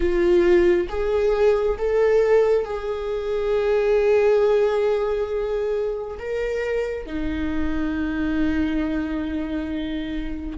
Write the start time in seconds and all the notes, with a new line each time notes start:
0.00 F4
0.89 G#4
1.78 A4
2.65 G#4
6.18 A#4
7.06 D#4